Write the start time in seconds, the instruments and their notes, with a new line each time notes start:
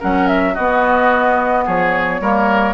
0.00 bassoon F#3, clarinet C#4, oboe A#4, flute F#5
0.28 flute E5
0.55 bassoon B3, oboe F#4, flute D#5
0.61 clarinet B3
1.66 bassoon F3, oboe G#4, flute C#5
2.21 bassoon G3, clarinet A#3, oboe A#4